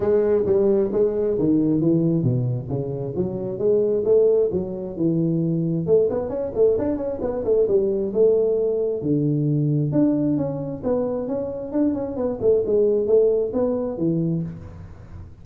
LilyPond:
\new Staff \with { instrumentName = "tuba" } { \time 4/4 \tempo 4 = 133 gis4 g4 gis4 dis4 | e4 b,4 cis4 fis4 | gis4 a4 fis4 e4~ | e4 a8 b8 cis'8 a8 d'8 cis'8 |
b8 a8 g4 a2 | d2 d'4 cis'4 | b4 cis'4 d'8 cis'8 b8 a8 | gis4 a4 b4 e4 | }